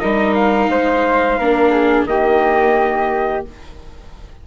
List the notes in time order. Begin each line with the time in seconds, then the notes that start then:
0.00 G3 D#4 A#4 D#5
0.35 F5
0.69 G#3 C5
1.39 A#3 D4 A#4
1.71 G#4
2.05 D#3 A#3 G4 D#5